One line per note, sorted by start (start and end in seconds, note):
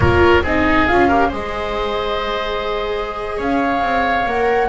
0.00 0.41 A#3
0.00 0.45 F4
0.00 0.42 A#4
0.00 0.43 C#5
0.42 0.86 C4
0.42 0.88 D#4
0.42 1.08 G#4
0.42 0.87 D#5
0.87 1.32 C#4
0.87 1.09 F4
0.87 1.31 F5
1.08 1.31 G4
1.08 1.28 A#4
1.28 3.38 G#3
1.28 4.27 G#4
1.28 3.36 C5
1.28 3.41 D#5
3.36 3.81 C#4
3.36 4.67 C#5
3.36 4.28 F5
3.81 4.25 C4
4.25 4.69 A#3
4.25 4.69 A#4
4.25 4.69 F#5